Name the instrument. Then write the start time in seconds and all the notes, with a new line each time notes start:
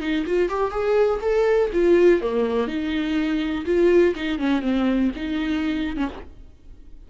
viola
0.00 D#4
0.26 F4
0.49 G4
0.71 G#4
1.21 A4
1.73 F4
2.21 A#3
2.67 D#4
3.65 F4
4.15 D#4
4.38 C#4
4.61 C4
5.16 D#4
5.96 C#4